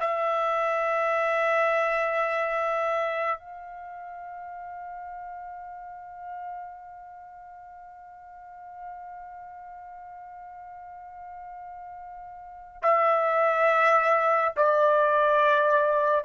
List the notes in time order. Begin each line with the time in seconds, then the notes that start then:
0.00 E5
3.39 F5
12.83 E5
14.57 D5